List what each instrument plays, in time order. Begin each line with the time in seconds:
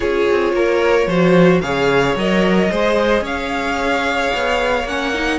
0.00 cello C#4, viola F4, violin G#4 C#5
0.30 cello C4
0.53 cello A#3, violin A#4
1.06 cello F3, viola F#4, violin C5
1.61 cello C#3, viola G#4, violin C#5 F5
2.15 cello F#3, viola A#4, violin D#5
2.70 cello G#3, viola G#4, violin C5
3.21 cello C#4, violin C#5 F5
4.34 cello B3
4.83 cello A#3, viola C#4, violin F#5
5.14 viola D#4